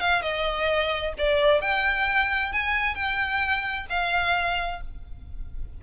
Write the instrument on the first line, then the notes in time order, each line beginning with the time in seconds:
violin
0.00 F5
0.22 D#5
1.18 D5
1.61 G5
2.53 G#5
2.95 G5
3.89 F5